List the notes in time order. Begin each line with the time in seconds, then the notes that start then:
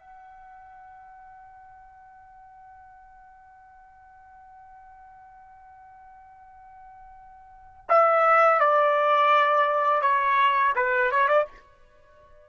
0.00 F#5
7.89 E5
8.60 D5
10.02 C#5
10.76 B4
11.11 C#5
11.28 D5